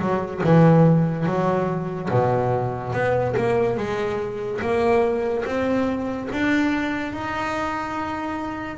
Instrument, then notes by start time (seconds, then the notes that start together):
double bass
0.00 F#3
0.44 E3
1.26 F#3
2.11 B2
2.93 B3
3.37 A#3
3.77 G#3
4.61 A#3
5.45 C4
6.33 D4
7.12 D#4